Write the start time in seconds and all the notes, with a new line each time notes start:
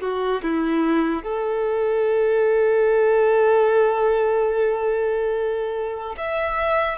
0.00 F#4
0.42 E4
1.23 A4
6.17 E5